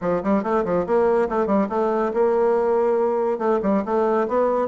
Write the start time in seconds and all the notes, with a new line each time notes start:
0.01 F3
0.23 G3
0.43 A3
0.64 F3
0.86 A#3
1.29 A3
1.46 G3
1.69 A3
2.13 A#3
3.38 A3
3.62 G3
3.85 A3
4.28 B3